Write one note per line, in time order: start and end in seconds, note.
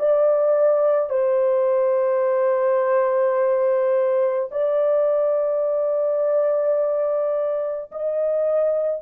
0.00 1.10 D5
1.10 4.50 C5
4.52 7.91 D5
7.92 9.03 D#5